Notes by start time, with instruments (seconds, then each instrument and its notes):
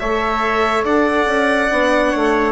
0.00 bassoon A3, viola A4, trumpet C#5, violin E5
0.84 bassoon D4, trumpet D5, violin F#5
1.26 bassoon C#4
1.71 bassoon B3, viola D4
2.11 bassoon A3, trumpet C#5